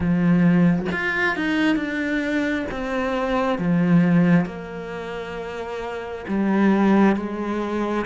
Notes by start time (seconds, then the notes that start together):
0.00 F3
0.92 F4
1.36 D#4
1.76 D4
2.71 C4
3.58 F3
4.45 A#3
6.28 G3
7.16 G#3